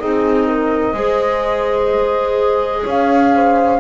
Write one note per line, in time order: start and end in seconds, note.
0.00 0.94 C4
0.00 0.95 D#4
0.00 0.48 G#4
0.00 2.86 D#5
0.48 0.95 A#4
0.94 2.84 G#3
0.94 3.80 G#4
0.94 2.84 C5
2.84 3.80 C#4
2.84 3.31 C#5
2.84 3.80 F5
3.35 3.80 C5